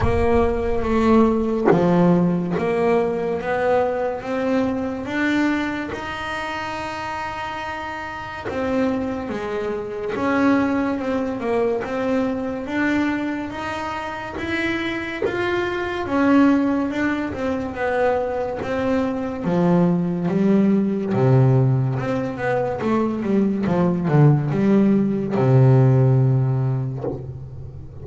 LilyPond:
\new Staff \with { instrumentName = "double bass" } { \time 4/4 \tempo 4 = 71 ais4 a4 f4 ais4 | b4 c'4 d'4 dis'4~ | dis'2 c'4 gis4 | cis'4 c'8 ais8 c'4 d'4 |
dis'4 e'4 f'4 cis'4 | d'8 c'8 b4 c'4 f4 | g4 c4 c'8 b8 a8 g8 | f8 d8 g4 c2 | }